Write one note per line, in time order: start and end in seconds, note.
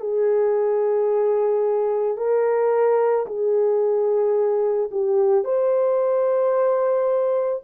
0.00 2.17 G#4
2.17 3.26 A#4
3.26 4.90 G#4
4.91 5.44 G4
5.44 7.63 C5